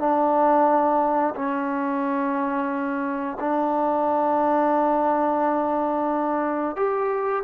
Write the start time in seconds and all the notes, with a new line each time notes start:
0.00 D4
1.36 C#4
3.40 D4
6.76 G4